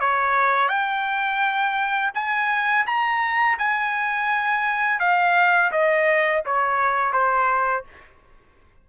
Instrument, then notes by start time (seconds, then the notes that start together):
trumpet
0.00 C#5
0.68 G5
2.14 G#5
2.86 A#5
3.58 G#5
5.00 F5
5.72 D#5
6.45 C#5
7.13 C5